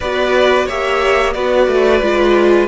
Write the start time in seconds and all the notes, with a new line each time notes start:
0.00 B3 F#4 B4 D5
0.66 A#3 G4 C#5 E5
1.33 B3 F#4 B4 D5
1.67 A3
2.01 G#3 F4